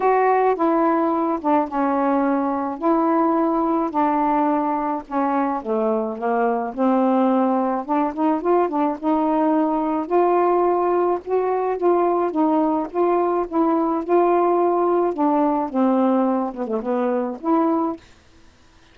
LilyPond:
\new Staff \with { instrumentName = "saxophone" } { \time 4/4 \tempo 4 = 107 fis'4 e'4. d'8 cis'4~ | cis'4 e'2 d'4~ | d'4 cis'4 a4 ais4 | c'2 d'8 dis'8 f'8 d'8 |
dis'2 f'2 | fis'4 f'4 dis'4 f'4 | e'4 f'2 d'4 | c'4. b16 a16 b4 e'4 | }